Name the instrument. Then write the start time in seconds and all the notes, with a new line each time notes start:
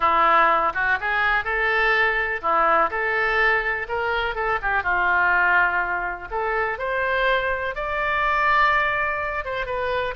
oboe
0.00 E4
0.74 F#4
1.00 G#4
1.44 A4
2.41 E4
2.90 A4
3.88 A#4
4.35 A4
4.62 G4
4.83 F4
6.30 A4
6.78 C5
7.75 D5
9.44 C5
9.66 B4